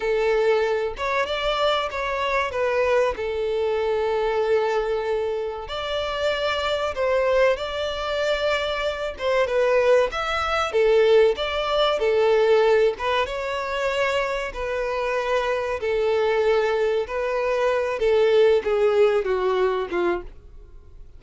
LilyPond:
\new Staff \with { instrumentName = "violin" } { \time 4/4 \tempo 4 = 95 a'4. cis''8 d''4 cis''4 | b'4 a'2.~ | a'4 d''2 c''4 | d''2~ d''8 c''8 b'4 |
e''4 a'4 d''4 a'4~ | a'8 b'8 cis''2 b'4~ | b'4 a'2 b'4~ | b'8 a'4 gis'4 fis'4 f'8 | }